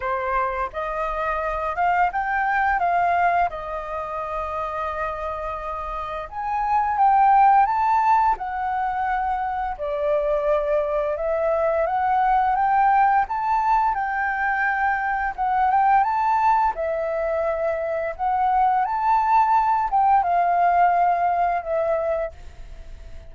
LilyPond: \new Staff \with { instrumentName = "flute" } { \time 4/4 \tempo 4 = 86 c''4 dis''4. f''8 g''4 | f''4 dis''2.~ | dis''4 gis''4 g''4 a''4 | fis''2 d''2 |
e''4 fis''4 g''4 a''4 | g''2 fis''8 g''8 a''4 | e''2 fis''4 a''4~ | a''8 g''8 f''2 e''4 | }